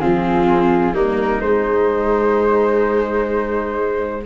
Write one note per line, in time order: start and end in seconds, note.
0.00 0.94 F3
0.00 0.95 C4
0.00 0.95 F4
0.00 0.94 G#4
0.94 1.41 G3
0.94 1.42 A#3
0.94 4.25 D#4
0.94 1.41 A#4
1.41 4.25 G#3
1.41 4.27 G#3
1.41 4.25 C5